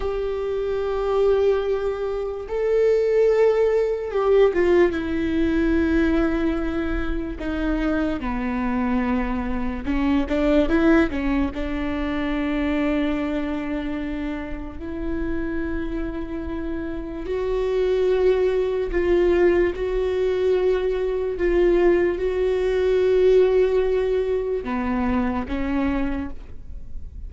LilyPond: \new Staff \with { instrumentName = "viola" } { \time 4/4 \tempo 4 = 73 g'2. a'4~ | a'4 g'8 f'8 e'2~ | e'4 dis'4 b2 | cis'8 d'8 e'8 cis'8 d'2~ |
d'2 e'2~ | e'4 fis'2 f'4 | fis'2 f'4 fis'4~ | fis'2 b4 cis'4 | }